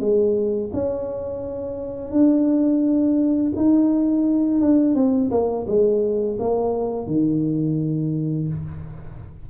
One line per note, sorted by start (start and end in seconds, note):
0.00 0.71 G#3
0.73 2.11 C#4
2.11 3.52 D4
3.56 4.60 D#4
4.60 4.95 D4
4.95 5.30 C4
5.30 5.66 A#3
5.67 6.38 G#3
6.39 7.07 A#3
7.07 8.48 D#3